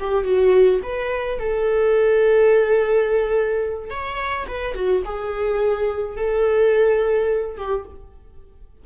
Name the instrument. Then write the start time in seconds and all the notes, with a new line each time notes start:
viola
0.00 G4
0.24 F#4
0.83 B4
1.39 A4
3.90 C#5
4.48 B4
4.75 F#4
5.05 G#4
6.17 A4
7.57 G4